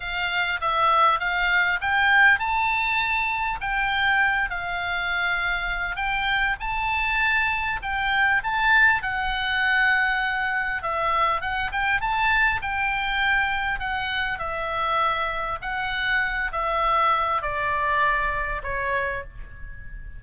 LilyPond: \new Staff \with { instrumentName = "oboe" } { \time 4/4 \tempo 4 = 100 f''4 e''4 f''4 g''4 | a''2 g''4. f''8~ | f''2 g''4 a''4~ | a''4 g''4 a''4 fis''4~ |
fis''2 e''4 fis''8 g''8 | a''4 g''2 fis''4 | e''2 fis''4. e''8~ | e''4 d''2 cis''4 | }